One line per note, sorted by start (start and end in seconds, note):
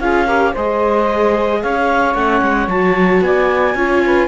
0.00 0.54 C#4
0.00 0.28 F4
0.00 0.26 G#4
0.00 0.54 F5
0.26 0.54 G4
0.26 0.52 A#4
0.53 1.63 G#3
0.53 2.15 G#4
0.53 1.60 C5
0.53 1.62 D#5
1.62 2.15 C#4
1.62 3.23 C#5
1.62 2.15 F5
2.15 2.41 A3
2.15 2.69 C#4
2.15 2.68 F#5
2.42 2.68 G#3
2.68 3.21 F#3
2.68 3.76 F#4
2.68 3.22 A5
3.21 3.75 B3
3.21 3.76 D5
3.21 4.28 G#5
3.75 4.28 C#4
3.75 4.28 F4
3.75 4.03 C#5
4.05 4.28 B4